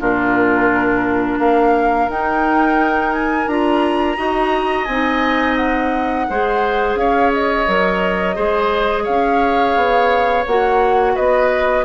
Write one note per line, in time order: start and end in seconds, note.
0.00 1.39 A#2
0.00 2.09 D4
0.00 1.39 F4
0.00 1.40 A#4
1.39 2.08 A#3
1.39 4.17 A#4
1.39 2.09 F5
2.10 3.47 D#4
2.10 3.49 D#4
2.10 3.13 G5
3.13 3.48 G#5
3.47 4.17 D4
3.47 4.16 F4
3.47 4.85 A#5
4.16 4.88 D#4
4.16 4.86 F#4
4.16 6.26 D#5
4.85 6.27 C4
4.85 5.55 G#5
4.91 6.31 D#4
5.57 6.96 F#5
6.30 6.95 G#3
6.30 7.67 G#4
6.30 7.00 C5
6.95 7.65 C#4
6.95 8.36 C#5
6.95 7.31 F5
7.33 9.05 D#5
7.67 8.38 F#3
7.67 8.35 A#4
8.35 9.08 G#3
8.35 10.44 G#4
8.35 9.03 C5
9.03 9.76 C#4
9.03 11.13 C#5
9.03 10.45 F5
9.76 10.46 B3
10.47 11.17 A#3
10.47 11.85 F#4
10.47 11.16 F#5
11.15 11.85 B3
11.15 11.85 B4
11.15 11.85 D#5